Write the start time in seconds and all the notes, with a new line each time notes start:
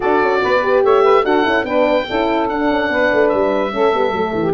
0.00 D4 F#4 A4 D5
0.22 C#4
0.42 B3 B4
0.62 G4
0.83 A3 C#5 E5
1.03 B4
1.24 D4 F#4 A4 F#5
1.43 C#4 E4
1.64 B3 D4 B4 G5
2.08 C#4 E4 A4
2.49 D4 F#5
2.70 C#4
2.89 B3 B4
3.12 A3
3.28 G3 E5
3.71 A3 C#4 A4
3.92 G3 B3
4.11 F#3 A3
4.33 E3 G4